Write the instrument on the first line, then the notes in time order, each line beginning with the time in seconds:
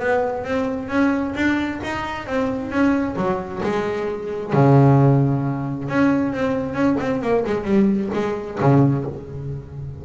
double bass
0.00 B3
0.45 C4
0.89 C#4
1.36 D4
1.84 D#4
2.27 C4
2.71 C#4
3.17 F#3
3.63 G#3
4.54 C#3
5.89 C#4
6.33 C4
6.75 C#4
7.00 C4
7.22 A#3
7.47 G#3
7.65 G3
8.14 G#3
8.61 C#3